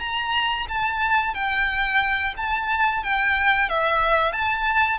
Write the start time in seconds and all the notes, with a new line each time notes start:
0.00 A#5
0.68 A5
1.34 G5
2.37 A5
3.03 G5
3.69 E5
4.33 A5